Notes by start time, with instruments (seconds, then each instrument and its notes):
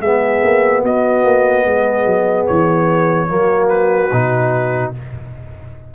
0.00 tuba G#3, trombone B3, horn G#4, trumpet E5
0.43 tuba A#3
0.82 tuba B3, horn F#4, trumpet D#5
1.24 tuba A#3
1.65 tuba G#3, horn G#4
2.06 tuba F#3
2.47 tuba E3, trumpet C#5
3.28 tuba F#3, trombone A#3, horn F#4
3.68 trumpet B4
4.12 tuba B2, trombone D#4